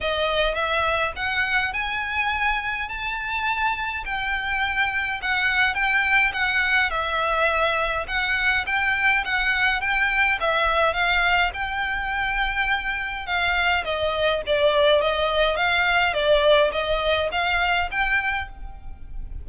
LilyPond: \new Staff \with { instrumentName = "violin" } { \time 4/4 \tempo 4 = 104 dis''4 e''4 fis''4 gis''4~ | gis''4 a''2 g''4~ | g''4 fis''4 g''4 fis''4 | e''2 fis''4 g''4 |
fis''4 g''4 e''4 f''4 | g''2. f''4 | dis''4 d''4 dis''4 f''4 | d''4 dis''4 f''4 g''4 | }